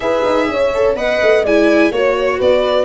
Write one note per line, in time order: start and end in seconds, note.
0.00 0.22 E4
0.00 0.70 G#4
0.00 0.49 B4
0.00 0.95 E5
0.25 0.47 D#4
0.47 0.95 C#4
0.47 0.96 C#5
0.74 0.96 A4
0.95 1.19 B3
0.95 1.44 B4
0.95 1.43 D#5
0.95 1.45 F#5
1.22 1.43 A3
1.43 1.91 G#3
1.43 1.92 E4
1.43 1.91 D5
1.43 1.92 G#5
1.91 2.39 A#3
1.91 2.84 F#4
1.91 2.40 C#5
1.91 2.38 C#5
2.38 2.84 B3
2.38 2.84 B4
2.38 2.84 D5